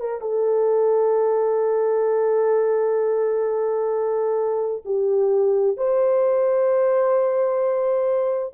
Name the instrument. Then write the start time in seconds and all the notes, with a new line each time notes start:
horn
0.00 A#4
0.21 A4
4.85 G4
5.77 C5